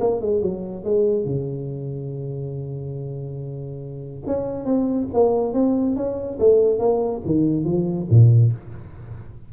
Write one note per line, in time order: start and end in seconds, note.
0.00 0.21 A#3
0.21 0.41 G#3
0.41 0.84 F#3
0.84 1.25 G#3
1.25 4.23 C#3
4.26 4.65 C#4
4.65 5.07 C4
5.13 5.53 A#3
5.53 5.96 C4
5.96 6.38 C#4
6.39 6.79 A3
6.79 7.21 A#3
7.25 7.64 D#3
7.64 8.07 F3
8.10 8.52 A#2